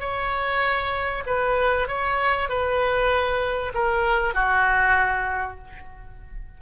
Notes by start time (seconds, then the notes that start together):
0.00 C#5
1.27 B4
1.88 C#5
2.49 B4
3.75 A#4
4.34 F#4